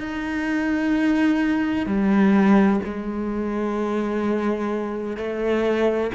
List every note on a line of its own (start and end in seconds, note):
0.00 1.86 D#4
1.86 2.80 G3
2.84 5.17 G#3
5.17 6.11 A3